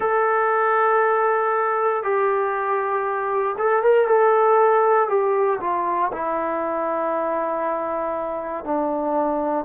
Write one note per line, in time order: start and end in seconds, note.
0.00 2.03 A4
2.03 3.55 G4
3.58 3.82 A4
3.82 4.07 A#4
4.07 5.08 A4
5.08 5.59 G4
5.60 6.11 F4
6.12 8.64 E4
8.64 9.65 D4